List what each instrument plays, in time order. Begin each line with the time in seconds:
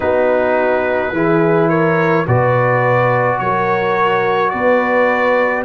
0.00 tuba B3, trombone D#4, horn F#4, trumpet B4
1.11 tuba E3, trombone E4, horn G#4
1.69 horn A#4, trumpet C#5
2.26 tuba B2, trombone F#4, horn B4, trumpet D5
3.38 tuba F#3, horn A#4, trumpet C#5
4.49 tuba B3, horn B4, trumpet D5